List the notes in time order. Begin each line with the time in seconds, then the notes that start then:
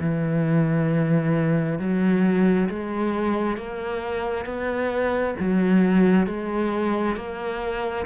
0.00 E3
1.79 F#3
2.69 G#3
3.57 A#3
4.45 B3
5.39 F#3
6.26 G#3
7.16 A#3